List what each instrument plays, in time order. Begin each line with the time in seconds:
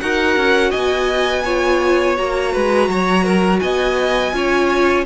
0.00 cello D#4, viola F#4, violin A#4 F#5
0.36 cello C#4
0.70 cello B3, violin D#5 G#5
1.44 viola F4, violin C#5
2.16 cello A#3, viola F#4, violin A#5
2.53 cello G#3, violin B4
2.88 cello F#3, violin C#5
3.24 violin A#4
3.60 cello B3, violin D#5 G#5
4.33 cello C#4, viola F4, violin C#5